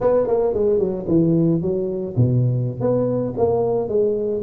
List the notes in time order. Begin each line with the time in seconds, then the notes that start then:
0.00 B3
0.27 A#3
0.53 G#3
0.79 F#3
1.08 E3
1.61 F#3
2.16 B2
2.80 B3
3.37 A#3
3.88 G#3